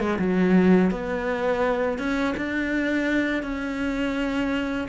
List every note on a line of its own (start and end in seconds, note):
0.00 0.18 G#3
0.19 0.91 F#3
0.91 1.98 B3
1.98 2.34 C#4
2.37 3.43 D4
3.43 4.87 C#4